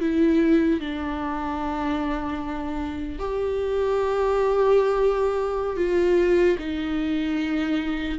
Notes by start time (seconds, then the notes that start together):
0.00 E4
0.80 D4
3.19 G4
5.76 F4
6.59 D#4